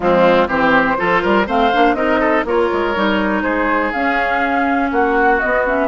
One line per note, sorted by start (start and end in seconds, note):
0.00 0.47 F3
0.00 0.48 G#3
0.00 0.48 C4
0.00 0.47 F4
0.47 0.96 E3
0.47 0.97 C4
0.47 0.97 G4
0.47 1.47 C5
0.97 1.24 F3
0.97 1.46 F4
0.97 1.22 A4
1.22 1.47 G3
1.22 1.46 A#4
1.46 1.72 A3
1.46 1.71 C4
1.46 1.96 C5
1.46 1.94 F5
1.73 1.94 A#3
1.73 1.96 D4
1.94 2.43 C4
1.94 2.45 D#4
1.94 2.20 A#4
1.94 2.44 D#5
2.20 2.44 A4
2.44 2.69 A#3
2.44 2.95 F4
2.44 3.43 A#4
2.44 3.42 C#5
2.72 2.96 G#3
2.95 3.42 G3
2.95 3.93 D#4
3.42 3.91 G#3
3.42 4.90 G#4
3.42 3.91 C5
3.92 4.91 C#4
3.92 5.42 C#4
3.92 4.90 F5
4.91 5.40 A#3
4.91 5.88 F#4
4.91 5.40 F#5
5.40 5.66 B3
5.40 5.88 B3
5.40 5.64 D#5
5.66 5.88 C#4
5.66 5.88 E5